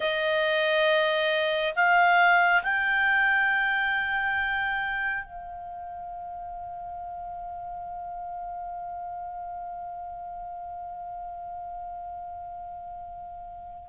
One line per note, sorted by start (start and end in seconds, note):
0.00 1.74 D#5
1.75 2.62 F5
2.63 5.24 G5
5.24 13.89 F5